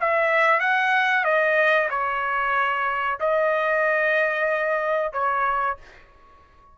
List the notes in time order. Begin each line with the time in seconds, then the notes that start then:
0.00 E5
0.60 F#5
1.24 D#5
1.89 C#5
3.20 D#5
5.12 C#5